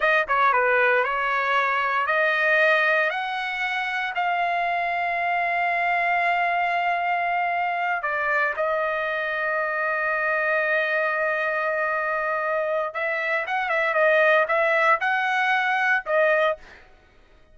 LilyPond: \new Staff \with { instrumentName = "trumpet" } { \time 4/4 \tempo 4 = 116 dis''8 cis''8 b'4 cis''2 | dis''2 fis''2 | f''1~ | f''2.~ f''8 d''8~ |
d''8 dis''2.~ dis''8~ | dis''1~ | dis''4 e''4 fis''8 e''8 dis''4 | e''4 fis''2 dis''4 | }